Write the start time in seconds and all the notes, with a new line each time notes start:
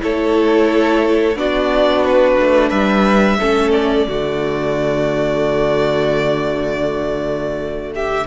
0.00 A3 E4 A4 C#5
1.35 B3 D4 F#4 D5
2.05 B4
2.40 A3
2.70 G3 B4 E5
3.40 A3 C#4 A4
3.71 D5
4.07 D3 A3 F#4
7.94 G4 E5